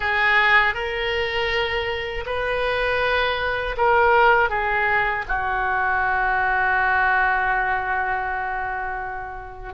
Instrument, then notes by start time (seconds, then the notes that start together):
oboe
0.00 G#4
0.74 A#4
2.26 B4
3.77 A#4
4.49 G#4
5.27 F#4